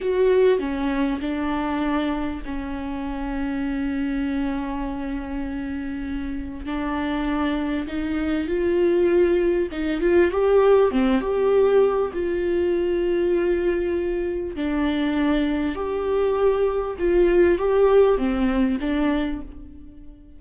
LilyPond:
\new Staff \with { instrumentName = "viola" } { \time 4/4 \tempo 4 = 99 fis'4 cis'4 d'2 | cis'1~ | cis'2. d'4~ | d'4 dis'4 f'2 |
dis'8 f'8 g'4 c'8 g'4. | f'1 | d'2 g'2 | f'4 g'4 c'4 d'4 | }